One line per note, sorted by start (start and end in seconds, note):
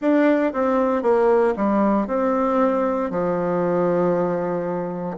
0.00 0.52 D4
0.53 1.02 C4
1.02 1.54 A#3
1.56 2.07 G3
2.07 3.10 C4
3.10 5.17 F3